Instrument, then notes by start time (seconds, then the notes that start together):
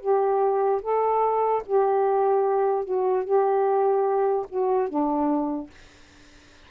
saxophone
0.00 G4
0.82 A4
1.66 G4
2.85 F#4
3.24 G4
4.49 F#4
4.89 D4